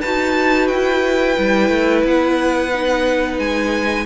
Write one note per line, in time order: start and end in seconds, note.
0.00 0.70 D#4
0.00 1.36 F#4
0.00 4.04 B4
0.00 0.67 A5
0.67 1.38 E4
0.67 2.02 G5
1.36 1.69 G3
1.36 2.71 E4
1.69 2.03 A3
2.04 3.38 B3
2.04 3.39 F#5
2.73 4.05 D#4
3.38 4.05 G#3
3.38 4.05 G#5